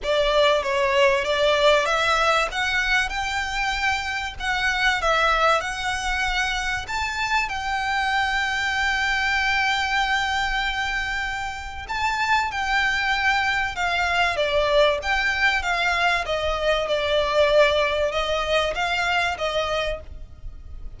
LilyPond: \new Staff \with { instrumentName = "violin" } { \time 4/4 \tempo 4 = 96 d''4 cis''4 d''4 e''4 | fis''4 g''2 fis''4 | e''4 fis''2 a''4 | g''1~ |
g''2. a''4 | g''2 f''4 d''4 | g''4 f''4 dis''4 d''4~ | d''4 dis''4 f''4 dis''4 | }